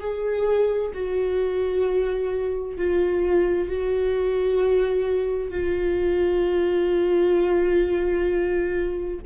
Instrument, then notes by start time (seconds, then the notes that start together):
viola
0.00 G#4
0.94 F#4
2.78 F4
3.69 F#4
5.50 F4